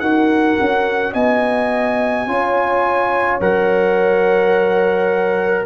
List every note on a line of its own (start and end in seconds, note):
0.00 0.57 D#4
0.00 2.28 F#4
0.00 1.13 A#4
0.00 1.13 F#5
0.61 1.14 C#4
1.13 2.27 B3
1.13 2.26 D#5
1.13 3.40 G#5
2.27 3.40 C#4
2.27 3.41 F4
2.27 5.66 C#5
3.41 5.66 F#3
3.41 5.66 A#4
3.41 5.66 F#5